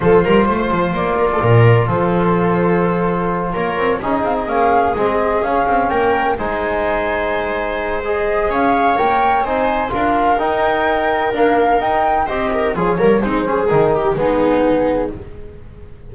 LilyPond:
<<
  \new Staff \with { instrumentName = "flute" } { \time 4/4 \tempo 4 = 127 c''2 d''2 | c''2.~ c''8 cis''8~ | cis''8 dis''8 f''16 dis''16 f''4 dis''4 f''8~ | f''8 g''4 gis''2~ gis''8~ |
gis''4 dis''4 f''4 g''4 | gis''4 f''4 g''2 | f''4 g''4 dis''4 cis''4 | c''4 ais'4 gis'2 | }
  \new Staff \with { instrumentName = "viola" } { \time 4/4 a'8 ais'8 c''4. ais'16 a'16 ais'4 | a'2.~ a'8 ais'8~ | ais'8 gis'2.~ gis'8~ | gis'8 ais'4 c''2~ c''8~ |
c''2 cis''2 | c''4 ais'2.~ | ais'2 c''8 ais'8 gis'8 ais'8 | dis'8 gis'4 g'8 dis'2 | }
  \new Staff \with { instrumentName = "trombone" } { \time 4/4 f'1~ | f'1~ | f'8 dis'4 cis'4 c'4 cis'8~ | cis'4. dis'2~ dis'8~ |
dis'4 gis'2 ais'4 | dis'4 f'4 dis'2 | ais4 dis'4 g'4 f'8 ais8 | c'8 cis'8 dis'4 b2 | }
  \new Staff \with { instrumentName = "double bass" } { \time 4/4 f8 g8 a8 f8 ais4 ais,4 | f2.~ f8 ais8 | c'8 cis'8 c'8 ais4 gis4 cis'8 | c'8 ais4 gis2~ gis8~ |
gis2 cis'4 ais4 | c'4 d'4 dis'2 | d'4 dis'4 c'4 f8 g8 | gis4 dis4 gis2 | }
>>